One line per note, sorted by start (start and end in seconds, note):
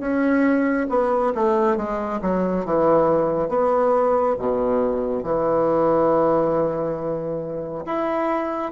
0.00 0.87 C#4
0.89 1.33 B3
1.35 1.77 A3
1.77 2.20 G#3
2.22 2.65 F#3
2.65 3.49 E3
3.49 4.36 B3
4.39 5.23 B2
5.23 7.84 E3
7.86 8.72 E4